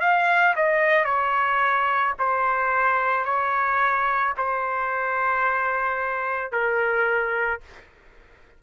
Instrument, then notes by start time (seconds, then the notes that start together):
trumpet
0.00 F5
0.56 D#5
1.05 C#5
2.19 C5
3.25 C#5
4.37 C5
6.52 A#4